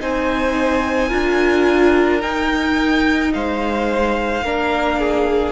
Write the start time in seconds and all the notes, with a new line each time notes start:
0.00 C4 D#4 C5 G#5
1.09 D4 F4 A#4
2.21 D#4 G5
3.34 G#3 C5 F5
4.43 A#3 D4 A#4
5.00 G#4